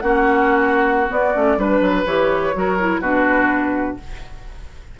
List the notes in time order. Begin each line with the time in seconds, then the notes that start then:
0.00 A#3 C#4 F#4 F#5
1.07 B3 D5
1.34 A3 C#4
1.57 G3 D4 B4
1.81 F#3
2.06 E3 G4 C#5
2.54 F#3 F#4 A#4
2.79 E4
3.00 B2 D4 F#4 B4